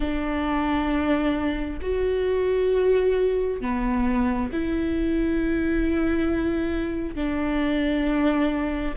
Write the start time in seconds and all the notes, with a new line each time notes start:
0.00 D4
1.81 F#4
3.60 B3
4.52 E4
7.15 D4